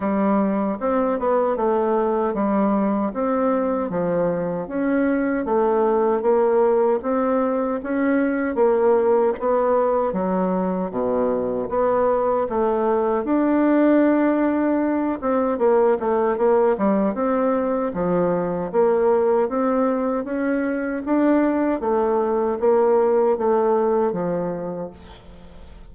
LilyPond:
\new Staff \with { instrumentName = "bassoon" } { \time 4/4 \tempo 4 = 77 g4 c'8 b8 a4 g4 | c'4 f4 cis'4 a4 | ais4 c'4 cis'4 ais4 | b4 fis4 b,4 b4 |
a4 d'2~ d'8 c'8 | ais8 a8 ais8 g8 c'4 f4 | ais4 c'4 cis'4 d'4 | a4 ais4 a4 f4 | }